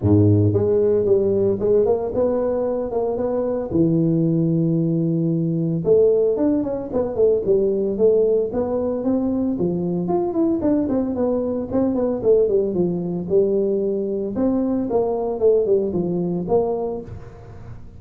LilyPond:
\new Staff \with { instrumentName = "tuba" } { \time 4/4 \tempo 4 = 113 gis,4 gis4 g4 gis8 ais8 | b4. ais8 b4 e4~ | e2. a4 | d'8 cis'8 b8 a8 g4 a4 |
b4 c'4 f4 f'8 e'8 | d'8 c'8 b4 c'8 b8 a8 g8 | f4 g2 c'4 | ais4 a8 g8 f4 ais4 | }